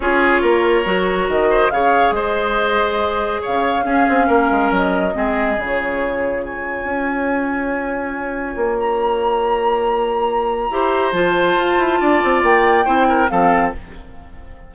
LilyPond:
<<
  \new Staff \with { instrumentName = "flute" } { \time 4/4 \tempo 4 = 140 cis''2. dis''4 | f''4 dis''2. | f''2. dis''4~ | dis''4 cis''2 gis''4~ |
gis''1~ | gis''8 ais''2.~ ais''8~ | ais''2 a''2~ | a''4 g''2 f''4 | }
  \new Staff \with { instrumentName = "oboe" } { \time 4/4 gis'4 ais'2~ ais'8 c''8 | cis''4 c''2. | cis''4 gis'4 ais'2 | gis'2. cis''4~ |
cis''1~ | cis''1~ | cis''4 c''2. | d''2 c''8 ais'8 a'4 | }
  \new Staff \with { instrumentName = "clarinet" } { \time 4/4 f'2 fis'2 | gis'1~ | gis'4 cis'2. | c'4 f'2.~ |
f'1~ | f'1~ | f'4 g'4 f'2~ | f'2 e'4 c'4 | }
  \new Staff \with { instrumentName = "bassoon" } { \time 4/4 cis'4 ais4 fis4 dis4 | cis4 gis2. | cis4 cis'8 c'8 ais8 gis8 fis4 | gis4 cis2. |
cis'1 | ais1~ | ais4 e'4 f4 f'8 e'8 | d'8 c'8 ais4 c'4 f4 | }
>>